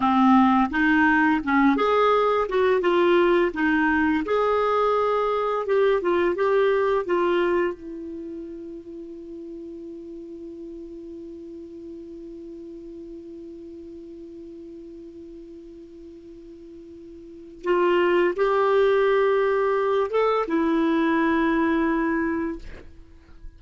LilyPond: \new Staff \with { instrumentName = "clarinet" } { \time 4/4 \tempo 4 = 85 c'4 dis'4 cis'8 gis'4 fis'8 | f'4 dis'4 gis'2 | g'8 f'8 g'4 f'4 e'4~ | e'1~ |
e'1~ | e'1~ | e'4 f'4 g'2~ | g'8 a'8 e'2. | }